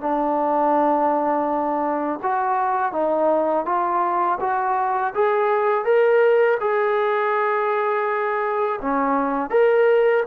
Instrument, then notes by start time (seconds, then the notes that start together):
trombone
0.00 D4
2.23 F#4
2.92 D#4
3.66 F4
4.40 F#4
5.15 G#4
5.85 A#4
6.60 G#4
8.81 C#4
9.50 A#4